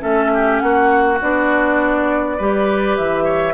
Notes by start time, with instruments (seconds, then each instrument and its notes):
0.00 bassoon A3, clarinet C#4, oboe A4, flute E5
0.34 oboe G4
0.60 bassoon A#3, oboe F#4, flute F#5
1.22 bassoon B3, clarinet D4, flute D5
2.38 bassoon G3, clarinet G4, oboe B4
2.97 bassoon E3, flute E5
3.25 oboe C#5